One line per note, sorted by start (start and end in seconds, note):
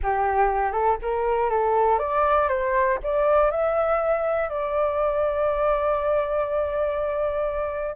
0.02 0.72 G4
0.72 0.97 A4
1.02 1.50 A#4
1.50 1.98 A4
1.98 2.48 D5
2.48 2.98 C5
3.03 3.50 D5
3.50 4.49 E5
4.49 7.95 D5